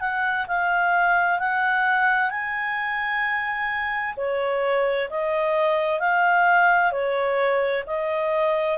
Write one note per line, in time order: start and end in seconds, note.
0.00 0.46 F#5
0.47 1.39 F5
1.39 2.30 F#5
2.30 4.15 G#5
4.17 5.09 C#5
5.10 6.00 D#5
6.00 6.91 F5
6.91 7.84 C#5
7.86 8.78 D#5